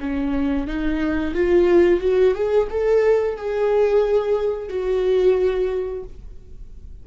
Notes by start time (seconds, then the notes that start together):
0.00 C#4
0.67 D#4
1.34 F4
2.00 F#4
2.34 G#4
2.70 A4
3.36 G#4
4.69 F#4